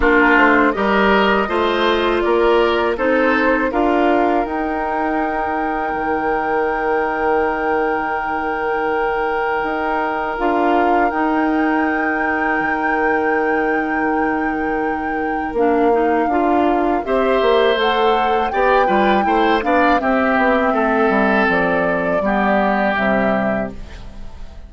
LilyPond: <<
  \new Staff \with { instrumentName = "flute" } { \time 4/4 \tempo 4 = 81 ais'8 c''8 dis''2 d''4 | c''4 f''4 g''2~ | g''1~ | g''2 f''4 g''4~ |
g''1~ | g''4 f''2 e''4 | fis''4 g''4. f''8 e''4~ | e''4 d''2 e''4 | }
  \new Staff \with { instrumentName = "oboe" } { \time 4/4 f'4 ais'4 c''4 ais'4 | a'4 ais'2.~ | ais'1~ | ais'1~ |
ais'1~ | ais'2. c''4~ | c''4 d''8 b'8 c''8 d''8 g'4 | a'2 g'2 | }
  \new Staff \with { instrumentName = "clarinet" } { \time 4/4 d'4 g'4 f'2 | dis'4 f'4 dis'2~ | dis'1~ | dis'2 f'4 dis'4~ |
dis'1~ | dis'4 d'8 dis'8 f'4 g'4 | a'4 g'8 f'8 e'8 d'8 c'4~ | c'2 b4 g4 | }
  \new Staff \with { instrumentName = "bassoon" } { \time 4/4 ais8 a8 g4 a4 ais4 | c'4 d'4 dis'2 | dis1~ | dis4 dis'4 d'4 dis'4~ |
dis'4 dis2.~ | dis4 ais4 d'4 c'8 ais8 | a4 b8 g8 a8 b8 c'8 b8 | a8 g8 f4 g4 c4 | }
>>